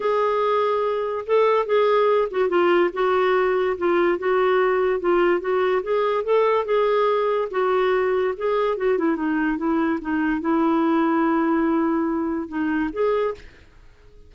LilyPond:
\new Staff \with { instrumentName = "clarinet" } { \time 4/4 \tempo 4 = 144 gis'2. a'4 | gis'4. fis'8 f'4 fis'4~ | fis'4 f'4 fis'2 | f'4 fis'4 gis'4 a'4 |
gis'2 fis'2 | gis'4 fis'8 e'8 dis'4 e'4 | dis'4 e'2.~ | e'2 dis'4 gis'4 | }